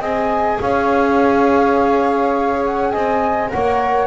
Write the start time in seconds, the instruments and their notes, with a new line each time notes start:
0.00 double bass C4, viola G#4, saxophone D#5, flute G#5
0.61 double bass C#4, saxophone C#5, flute F5
2.65 flute F#5
2.91 double bass C4, saxophone D#5, flute G#5
3.49 double bass A#3, viola A#4, saxophone C#5, flute F#5